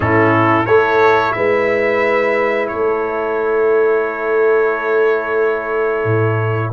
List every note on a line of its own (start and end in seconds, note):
0.00 0.67 A2
0.00 0.66 C#4
0.00 0.67 E4
0.00 0.66 A4
0.66 1.34 A3
0.66 6.72 E4
0.66 1.34 A4
0.66 1.32 C#5
1.32 2.70 G#3
1.32 2.71 B4
1.32 2.67 E5
2.67 6.04 A3
2.67 6.72 A4
2.67 6.72 C#5
6.04 6.71 A2